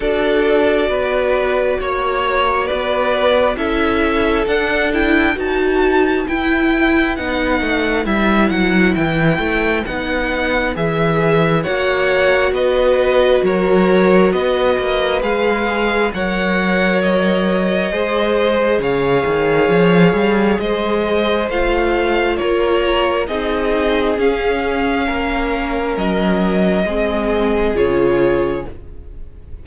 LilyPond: <<
  \new Staff \with { instrumentName = "violin" } { \time 4/4 \tempo 4 = 67 d''2 cis''4 d''4 | e''4 fis''8 g''8 a''4 g''4 | fis''4 e''8 fis''8 g''4 fis''4 | e''4 fis''4 dis''4 cis''4 |
dis''4 f''4 fis''4 dis''4~ | dis''4 f''2 dis''4 | f''4 cis''4 dis''4 f''4~ | f''4 dis''2 cis''4 | }
  \new Staff \with { instrumentName = "violin" } { \time 4/4 a'4 b'4 cis''4 b'4 | a'2 b'2~ | b'1~ | b'4 cis''4 b'4 ais'4 |
b'2 cis''2 | c''4 cis''2 c''4~ | c''4 ais'4 gis'2 | ais'2 gis'2 | }
  \new Staff \with { instrumentName = "viola" } { \time 4/4 fis'1 | e'4 d'8 e'8 fis'4 e'4 | dis'4 e'2 dis'4 | gis'4 fis'2.~ |
fis'4 gis'4 ais'2 | gis'1 | f'2 dis'4 cis'4~ | cis'2 c'4 f'4 | }
  \new Staff \with { instrumentName = "cello" } { \time 4/4 d'4 b4 ais4 b4 | cis'4 d'4 dis'4 e'4 | b8 a8 g8 fis8 e8 a8 b4 | e4 ais4 b4 fis4 |
b8 ais8 gis4 fis2 | gis4 cis8 dis8 f8 g8 gis4 | a4 ais4 c'4 cis'4 | ais4 fis4 gis4 cis4 | }
>>